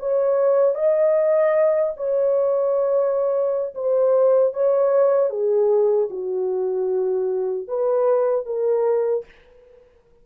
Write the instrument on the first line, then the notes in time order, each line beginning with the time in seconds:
horn
0.00 C#5
0.76 D#5
1.97 C#5
3.75 C5
4.54 C#5
5.30 G#4
6.10 F#4
7.68 B4
8.47 A#4